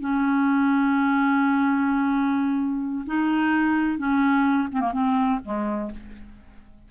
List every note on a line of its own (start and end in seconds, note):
0.00 3.05 C#4
3.06 3.98 D#4
3.98 4.68 C#4
4.72 4.80 C4
4.80 4.92 A#3
4.92 5.39 C4
5.44 5.91 G#3